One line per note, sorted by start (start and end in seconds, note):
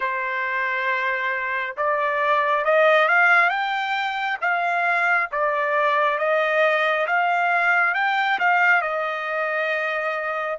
0.00 1.76 C5
1.76 2.64 D5
2.64 3.08 D#5
3.08 3.49 F5
3.49 4.38 G5
4.41 5.29 F5
5.31 6.18 D5
6.18 7.06 D#5
7.06 7.94 F5
7.94 8.38 G5
8.39 8.81 F5
8.81 10.58 D#5